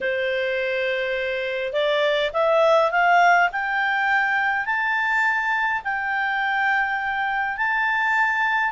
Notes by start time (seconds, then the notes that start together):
0.00 C5
1.72 D5
2.33 E5
2.91 F5
3.51 G5
4.65 A5
5.84 G5
7.57 A5